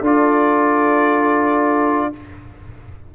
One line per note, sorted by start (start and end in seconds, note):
0.00 2.09 D4
0.00 2.12 F4
0.00 2.08 A4
0.00 2.14 D5